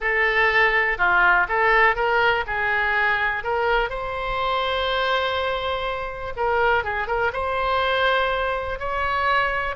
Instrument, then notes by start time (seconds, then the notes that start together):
oboe
0.00 A4
0.98 F4
1.48 A4
1.95 A#4
2.46 G#4
3.43 A#4
3.89 C5
6.36 A#4
6.84 G#4
7.07 A#4
7.32 C5
8.79 C#5